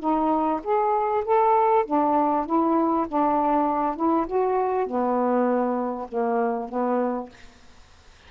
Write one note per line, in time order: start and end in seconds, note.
0.00 0.61 D#4
0.64 1.24 G#4
1.25 1.86 A4
1.86 2.46 D4
2.46 3.07 E4
3.08 3.96 D4
3.96 4.27 E4
4.27 4.87 F#4
4.87 6.08 B3
6.09 6.69 A#3
6.69 7.29 B3